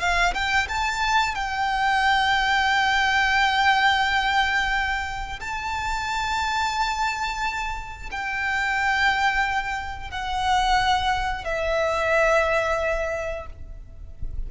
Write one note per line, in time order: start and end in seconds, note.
0.00 0.34 F5
0.34 0.68 G5
0.69 1.35 A5
1.35 5.40 G5
5.40 8.10 A5
8.11 10.11 G5
10.11 11.44 F#5
11.44 13.46 E5